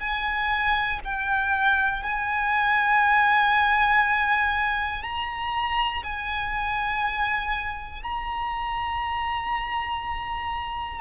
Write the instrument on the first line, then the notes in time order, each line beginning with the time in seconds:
violin
0.00 G#5
1.05 G5
2.03 G#5
5.03 A#5
6.04 G#5
8.03 A#5